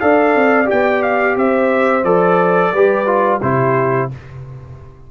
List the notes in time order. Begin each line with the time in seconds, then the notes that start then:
0.00 D4 A4 D5 F5
0.35 C4
0.65 G4 G5
0.72 B3
1.03 F5
1.37 C4 C5 E5
2.04 F3 A4 D5
2.73 G3 G4 B4
3.07 F4
3.42 C3 E4 G4 C5